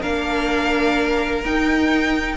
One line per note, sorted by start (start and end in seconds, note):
0.00 1.44 A#3
0.00 1.44 D4
0.00 2.36 A#4
0.00 1.44 F5
1.44 2.37 D#4
1.44 2.37 G5